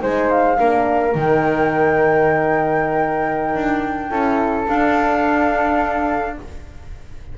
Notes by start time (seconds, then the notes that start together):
0.00 G#3 D#4 C5 G#5
0.30 F5
0.58 A#3 D4 A#4
1.13 D#3 D#4 G5
3.55 D4
4.10 C#4 E4 A4
4.67 D4 F5